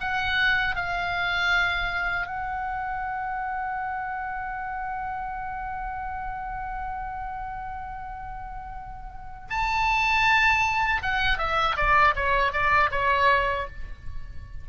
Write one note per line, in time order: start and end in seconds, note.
0.00 0.75 F#5
0.75 2.26 F5
2.26 9.48 F#5
9.50 11.02 A5
11.02 11.38 F#5
11.38 11.76 E5
11.76 12.14 D5
12.15 12.52 C#5
12.52 12.90 D5
12.91 13.67 C#5